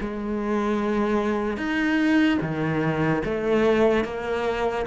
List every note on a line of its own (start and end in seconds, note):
0.00 1.57 G#3
1.57 2.38 D#4
2.41 3.22 D#3
3.24 4.04 A3
4.04 4.85 A#3